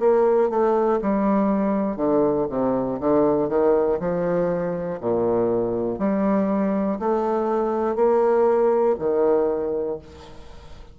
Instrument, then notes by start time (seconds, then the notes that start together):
bassoon
0.00 A#3
0.50 A3
1.02 G3
1.97 D3
2.49 C3
3.00 D3
3.49 D#3
4.00 F3
5.01 A#2
5.99 G3
7.00 A3
7.96 A#3
8.99 D#3